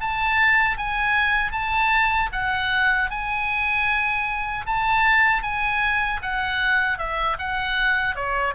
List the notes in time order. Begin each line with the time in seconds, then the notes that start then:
0.00 A5
0.77 G#5
1.52 A5
2.32 F#5
3.10 G#5
4.66 A5
5.43 G#5
6.22 F#5
6.98 E5
7.38 F#5
8.15 C#5